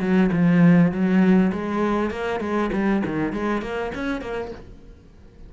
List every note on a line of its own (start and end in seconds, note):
0.00 0.30 F#3
0.32 0.91 F3
0.91 1.51 F#3
1.52 2.11 G#3
2.11 2.40 A#3
2.40 2.70 G#3
2.72 3.02 G3
3.05 3.32 D#3
3.32 3.62 G#3
3.62 3.92 A#3
3.94 4.21 C#4
4.21 4.51 A#3